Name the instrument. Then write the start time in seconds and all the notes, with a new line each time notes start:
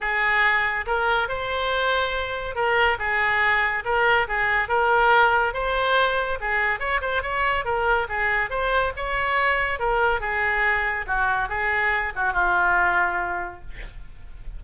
oboe
0.00 G#4
0.86 A#4
1.28 C5
2.55 A#4
2.98 G#4
3.84 A#4
4.28 G#4
4.68 A#4
5.53 C5
6.40 G#4
6.79 C#5
7.01 C5
7.22 C#5
7.64 A#4
8.08 G#4
8.50 C5
8.96 C#5
9.79 A#4
10.20 G#4
11.07 F#4
11.49 G#4
12.15 F#4
12.33 F4